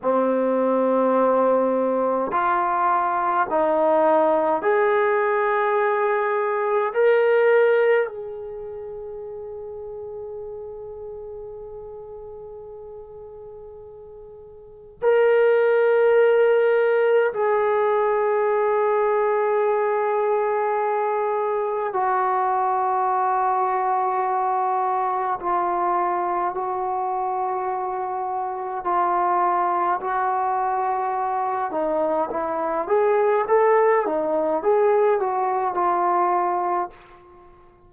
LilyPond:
\new Staff \with { instrumentName = "trombone" } { \time 4/4 \tempo 4 = 52 c'2 f'4 dis'4 | gis'2 ais'4 gis'4~ | gis'1~ | gis'4 ais'2 gis'4~ |
gis'2. fis'4~ | fis'2 f'4 fis'4~ | fis'4 f'4 fis'4. dis'8 | e'8 gis'8 a'8 dis'8 gis'8 fis'8 f'4 | }